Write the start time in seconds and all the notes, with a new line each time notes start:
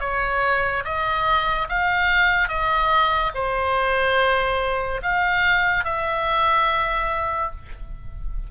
0.00 C#5
0.84 D#5
1.69 F5
2.48 D#5
3.34 C5
5.02 F5
5.84 E5